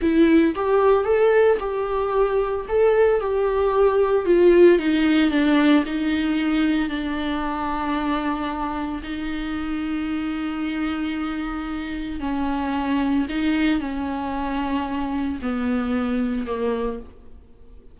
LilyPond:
\new Staff \with { instrumentName = "viola" } { \time 4/4 \tempo 4 = 113 e'4 g'4 a'4 g'4~ | g'4 a'4 g'2 | f'4 dis'4 d'4 dis'4~ | dis'4 d'2.~ |
d'4 dis'2.~ | dis'2. cis'4~ | cis'4 dis'4 cis'2~ | cis'4 b2 ais4 | }